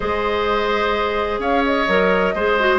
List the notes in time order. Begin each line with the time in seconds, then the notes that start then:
0.00 G#3 G#4 C5 D#5
1.39 C#4 C#5 F5
1.64 D#5
1.87 F#3 A#4
2.34 G#3 G#4 C5
2.59 F#4